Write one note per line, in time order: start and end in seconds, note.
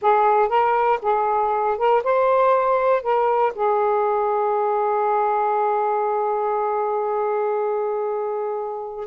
0.01 0.49 G#4
0.49 0.99 A#4
1.02 1.77 G#4
1.77 2.02 A#4
2.03 3.02 C5
3.02 3.52 A#4
3.55 9.07 G#4